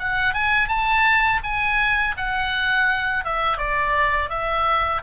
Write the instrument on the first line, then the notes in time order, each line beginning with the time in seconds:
oboe
0.00 F#5
0.34 G#5
0.69 A5
1.44 G#5
2.18 F#5
3.25 E5
3.58 D5
4.30 E5